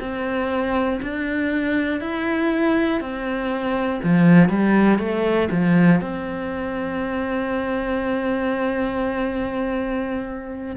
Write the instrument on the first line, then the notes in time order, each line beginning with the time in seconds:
cello
0.00 C4
1.02 D4
2.00 E4
3.01 C4
4.03 F3
4.49 G3
4.99 A3
5.51 F3
6.01 C4